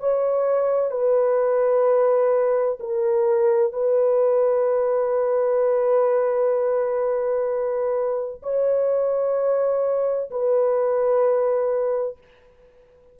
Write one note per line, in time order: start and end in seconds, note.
0.00 0.92 C#5
0.92 2.79 B4
2.80 3.73 A#4
3.73 8.42 B4
8.43 10.30 C#5
10.31 12.18 B4